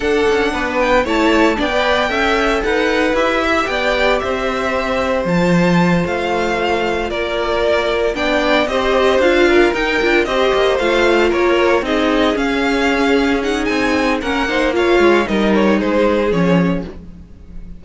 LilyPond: <<
  \new Staff \with { instrumentName = "violin" } { \time 4/4 \tempo 4 = 114 fis''4. g''8 a''4 g''4~ | g''4 fis''4 e''4 g''4 | e''2 a''4. f''8~ | f''4. d''2 g''8~ |
g''8 dis''4 f''4 g''4 dis''8~ | dis''8 f''4 cis''4 dis''4 f''8~ | f''4. fis''8 gis''4 fis''4 | f''4 dis''8 cis''8 c''4 cis''4 | }
  \new Staff \with { instrumentName = "violin" } { \time 4/4 a'4 b'4 cis''4 d''4 | e''4 b'4. e''8 d''4 | c''1~ | c''4. ais'2 d''8~ |
d''8 c''4. ais'4. c''8~ | c''4. ais'4 gis'4.~ | gis'2. ais'8 c''8 | cis''4 ais'4 gis'2 | }
  \new Staff \with { instrumentName = "viola" } { \time 4/4 d'2 e'4 d'16 b'8. | a'2 g'2~ | g'2 f'2~ | f'2.~ f'8 d'8~ |
d'8 g'4 f'4 dis'8 f'8 g'8~ | g'8 f'2 dis'4 cis'8~ | cis'4. dis'4. cis'8 dis'8 | f'4 dis'2 cis'4 | }
  \new Staff \with { instrumentName = "cello" } { \time 4/4 d'8 cis'8 b4 a4 b4 | cis'4 dis'4 e'4 b4 | c'2 f4. a8~ | a4. ais2 b8~ |
b8 c'4 d'4 dis'8 d'8 c'8 | ais8 a4 ais4 c'4 cis'8~ | cis'2 c'4 ais4~ | ais8 gis8 g4 gis4 f4 | }
>>